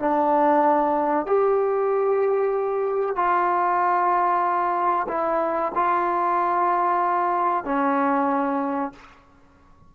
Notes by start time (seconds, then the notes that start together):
0.00 D4
1.27 G4
3.16 F4
5.09 E4
5.75 F4
7.65 C#4